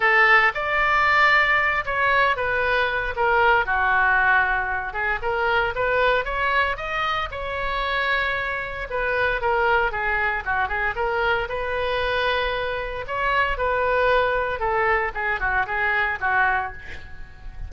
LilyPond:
\new Staff \with { instrumentName = "oboe" } { \time 4/4 \tempo 4 = 115 a'4 d''2~ d''8 cis''8~ | cis''8 b'4. ais'4 fis'4~ | fis'4. gis'8 ais'4 b'4 | cis''4 dis''4 cis''2~ |
cis''4 b'4 ais'4 gis'4 | fis'8 gis'8 ais'4 b'2~ | b'4 cis''4 b'2 | a'4 gis'8 fis'8 gis'4 fis'4 | }